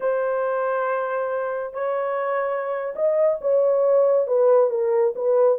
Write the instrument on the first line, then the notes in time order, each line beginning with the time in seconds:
horn
0.00 C5
1.73 C#5
2.95 D#5
3.41 C#5
4.27 B4
4.70 A#4
5.15 B4